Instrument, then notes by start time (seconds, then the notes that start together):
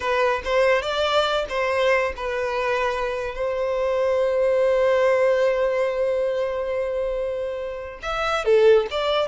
violin
0.00 B4
0.44 C5
0.82 D5
1.49 C5
2.16 B4
3.35 C5
8.02 E5
8.44 A4
8.90 D5